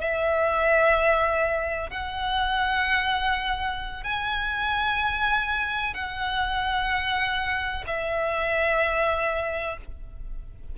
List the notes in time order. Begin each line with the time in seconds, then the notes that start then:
0.00 E5
1.90 F#5
4.03 G#5
5.94 F#5
7.87 E5